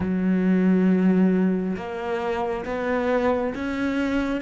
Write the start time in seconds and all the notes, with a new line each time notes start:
0.00 F#3
1.76 A#3
2.65 B3
3.54 C#4